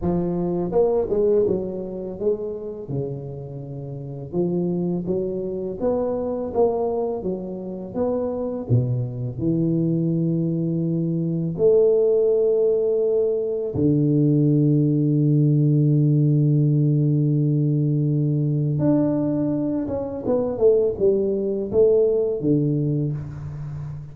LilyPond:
\new Staff \with { instrumentName = "tuba" } { \time 4/4 \tempo 4 = 83 f4 ais8 gis8 fis4 gis4 | cis2 f4 fis4 | b4 ais4 fis4 b4 | b,4 e2. |
a2. d4~ | d1~ | d2 d'4. cis'8 | b8 a8 g4 a4 d4 | }